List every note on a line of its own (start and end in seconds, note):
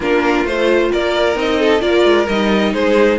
0.00 0.44 A#3
0.00 0.47 D4
0.00 0.89 F4
0.00 0.46 A#4
0.44 0.90 A3
0.44 1.35 F4
0.44 0.92 C5
0.91 1.35 A#3
0.91 1.59 A#4
0.91 1.37 D5
1.35 1.81 C4
1.35 1.80 D#4
1.35 1.81 D#5
1.59 1.81 A4
1.80 2.04 A#3
1.80 2.25 F4
1.80 2.72 A#4
1.80 2.26 D5
2.04 2.27 G#3
2.29 2.73 G3
2.29 3.18 D#4
2.29 2.73 D#5
2.73 3.18 G#3
2.73 3.18 G#4
2.73 3.18 C5